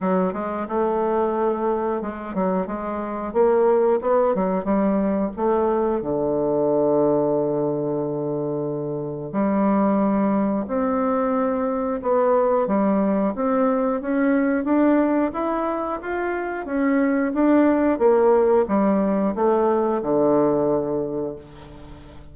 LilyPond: \new Staff \with { instrumentName = "bassoon" } { \time 4/4 \tempo 4 = 90 fis8 gis8 a2 gis8 fis8 | gis4 ais4 b8 fis8 g4 | a4 d2.~ | d2 g2 |
c'2 b4 g4 | c'4 cis'4 d'4 e'4 | f'4 cis'4 d'4 ais4 | g4 a4 d2 | }